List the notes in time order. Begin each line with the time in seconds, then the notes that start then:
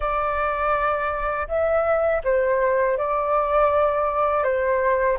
0.00 D5
1.47 E5
2.24 C5
2.97 D5
4.43 C5